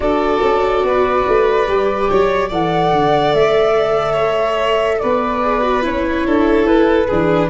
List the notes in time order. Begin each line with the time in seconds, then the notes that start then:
0.00 D4 F#4 A4 D5
0.42 C#4
0.83 B3 B4
1.27 A3
1.67 G3 G4
2.10 F#3 C#5
2.48 E3 A4 D5 F#5
2.92 D3
3.33 A3 E5
4.12 C#5
4.99 B3 B4 D5
5.42 G#4
5.61 F#4
5.81 C#4 E4 C#5
6.26 D4 A4
6.64 E4 B4
7.07 E3 D4 G#4